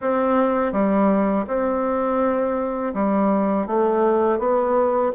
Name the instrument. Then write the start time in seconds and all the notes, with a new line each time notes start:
bassoon
0.01 C4
0.72 G3
1.47 C4
2.93 G3
3.66 A3
4.39 B3